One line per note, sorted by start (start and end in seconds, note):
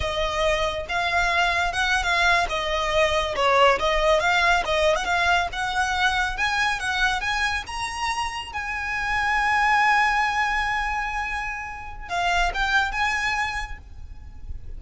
0.00 0.86 D#5
0.88 1.72 F5
1.72 2.03 F#5
2.03 2.46 F5
2.49 3.35 D#5
3.35 3.78 C#5
3.79 4.20 D#5
4.20 4.63 F5
4.65 4.95 D#5
4.95 5.04 F#5
5.04 5.48 F5
5.52 6.37 F#5
6.37 6.79 G#5
6.79 7.20 F#5
7.20 7.63 G#5
7.66 8.53 A#5
8.53 12.08 G#5
12.08 12.52 F5
12.54 12.91 G5
12.91 13.78 G#5